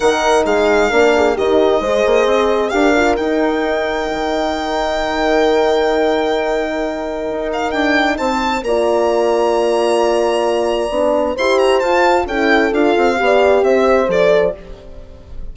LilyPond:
<<
  \new Staff \with { instrumentName = "violin" } { \time 4/4 \tempo 4 = 132 fis''4 f''2 dis''4~ | dis''2 f''4 g''4~ | g''1~ | g''1~ |
g''8 f''8 g''4 a''4 ais''4~ | ais''1~ | ais''4 c'''8 ais''8 a''4 g''4 | f''2 e''4 d''4 | }
  \new Staff \with { instrumentName = "horn" } { \time 4/4 ais'4 gis'4 ais'8 gis'8 g'4 | c''2 ais'2~ | ais'1~ | ais'1~ |
ais'2 c''4 d''4~ | d''1~ | d''4 c''2 a'4~ | a'4 d''4 c''2 | }
  \new Staff \with { instrumentName = "horn" } { \time 4/4 dis'2 d'4 dis'4 | gis'2 g'8 f'8 dis'4~ | dis'1~ | dis'1~ |
dis'2. f'4~ | f'1 | d'4 g'4 f'4 e'4 | f'4 g'2 a'4 | }
  \new Staff \with { instrumentName = "bassoon" } { \time 4/4 dis4 gis4 ais4 dis4 | gis8 ais8 c'4 d'4 dis'4~ | dis'4 dis2.~ | dis1 |
dis'4 d'4 c'4 ais4~ | ais1 | b4 e'4 f'4 cis'4 | d'8 c'8 b4 c'4 f4 | }
>>